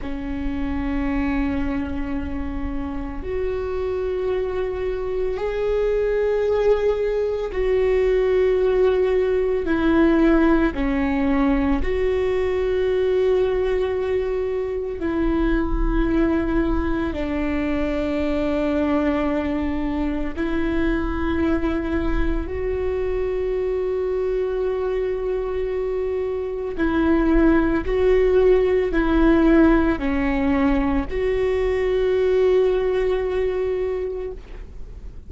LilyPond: \new Staff \with { instrumentName = "viola" } { \time 4/4 \tempo 4 = 56 cis'2. fis'4~ | fis'4 gis'2 fis'4~ | fis'4 e'4 cis'4 fis'4~ | fis'2 e'2 |
d'2. e'4~ | e'4 fis'2.~ | fis'4 e'4 fis'4 e'4 | cis'4 fis'2. | }